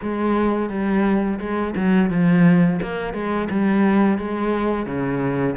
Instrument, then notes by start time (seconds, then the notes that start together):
cello
0.02 G#3
0.69 G3
1.39 G#3
1.75 F#3
2.10 F3
2.82 A#3
3.13 G#3
3.50 G3
4.17 G#3
4.86 C#3